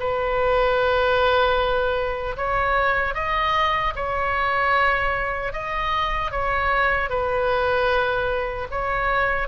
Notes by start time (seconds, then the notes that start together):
0.00 B4
2.37 C#5
3.15 D#5
3.96 C#5
5.53 D#5
6.32 C#5
7.10 B4
8.71 C#5